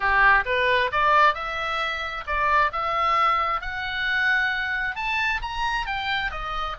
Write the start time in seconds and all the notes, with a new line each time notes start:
0.00 G4
0.45 B4
0.91 D5
1.34 E5
2.26 D5
2.72 E5
3.61 F#5
4.95 A5
5.42 A#5
5.86 G5
6.31 D#5